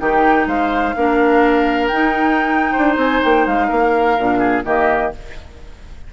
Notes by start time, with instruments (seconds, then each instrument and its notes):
0.00 bassoon D#3, clarinet D#4, oboe G4, flute G5
0.47 bassoon G#3, oboe C5, flute F5
0.97 bassoon A#3, clarinet D4, oboe A#4
1.88 clarinet D#4, bassoon D#4, flute G5
2.72 bassoon D4, oboe C5
2.97 bassoon C4, flute G#5
3.24 bassoon A#3, flute G5
3.47 bassoon G#3, flute F5
3.68 bassoon A#3, oboe A#4
4.19 bassoon A#2, clarinet D4
4.39 oboe G#4
4.65 bassoon D#3, clarinet A#3, oboe G4, flute D#5